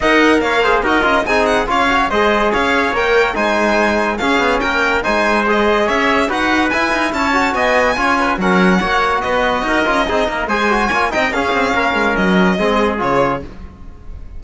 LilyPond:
<<
  \new Staff \with { instrumentName = "violin" } { \time 4/4 \tempo 4 = 143 fis''4 f''4 dis''4 gis''8 fis''8 | f''4 dis''4 f''4 g''4 | gis''2 f''4 g''4 | gis''4 dis''4 e''4 fis''4 |
gis''4 a''4 gis''2 | fis''2 dis''2~ | dis''4 gis''4. g''8 f''4~ | f''4 dis''2 cis''4 | }
  \new Staff \with { instrumentName = "trumpet" } { \time 4/4 dis''4 cis''8 c''8 ais'4 gis'4 | cis''4 c''4 cis''2 | c''2 gis'4 ais'4 | c''2 cis''4 b'4~ |
b'4 cis''4 dis''4 cis''8 b'8 | ais'4 cis''4 b'4 ais'4 | gis'8 ais'8 c''4 cis''8 dis''8 gis'4 | ais'2 gis'2 | }
  \new Staff \with { instrumentName = "trombone" } { \time 4/4 ais'4. gis'8 fis'8 f'8 dis'4 | f'8 fis'8 gis'2 ais'4 | dis'2 cis'2 | dis'4 gis'2 fis'4 |
e'4. fis'4. f'4 | cis'4 fis'2~ fis'8 f'8 | dis'4 gis'8 fis'8 f'8 dis'8 cis'4~ | cis'2 c'4 f'4 | }
  \new Staff \with { instrumentName = "cello" } { \time 4/4 dis'4 ais4 dis'8 cis'8 c'4 | cis'4 gis4 cis'4 ais4 | gis2 cis'8 b8 ais4 | gis2 cis'4 dis'4 |
e'8 dis'8 cis'4 b4 cis'4 | fis4 ais4 b4 dis'8 cis'8 | c'8 ais8 gis4 ais8 c'8 cis'8 c'8 | ais8 gis8 fis4 gis4 cis4 | }
>>